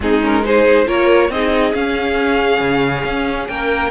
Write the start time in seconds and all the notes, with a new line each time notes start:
0.00 G#3 C4 D#4 G#4
0.21 C#4 A#4
0.43 D#4 G#4 C5
0.86 A#3 F4 A#4 C#5
1.29 C4 D#4 G#4 D#5
1.74 C#4 F5
2.60 C#3
3.04 C#4
3.47 A#3 A#4 G5